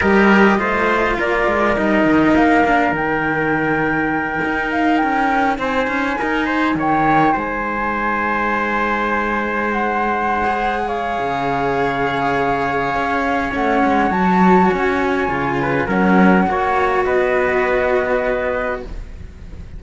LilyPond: <<
  \new Staff \with { instrumentName = "flute" } { \time 4/4 \tempo 4 = 102 dis''2 d''4 dis''4 | f''4 g''2. | f''8 g''4 gis''2 g''8~ | g''8 gis''2.~ gis''8~ |
gis''8 fis''2 f''4.~ | f''2. fis''4 | a''4 gis''2 fis''4~ | fis''4 dis''2. | }
  \new Staff \with { instrumentName = "trumpet" } { \time 4/4 ais'4 c''4 ais'2~ | ais'1~ | ais'4. c''4 ais'8 c''8 cis''8~ | cis''8 c''2.~ c''8~ |
c''2~ c''8 cis''4.~ | cis''1~ | cis''2~ cis''8 b'8 ais'4 | cis''4 b'2. | }
  \new Staff \with { instrumentName = "cello" } { \time 4/4 g'4 f'2 dis'4~ | dis'8 d'8 dis'2.~ | dis'1~ | dis'1~ |
dis'4.~ dis'16 gis'2~ gis'16~ | gis'2. cis'4 | fis'2 f'4 cis'4 | fis'1 | }
  \new Staff \with { instrumentName = "cello" } { \time 4/4 g4 a4 ais8 gis8 g8 dis8 | ais4 dis2~ dis8 dis'8~ | dis'8 cis'4 c'8 cis'8 dis'4 dis8~ | dis8 gis2.~ gis8~ |
gis2. cis4~ | cis2 cis'4 a8 gis8 | fis4 cis'4 cis4 fis4 | ais4 b2. | }
>>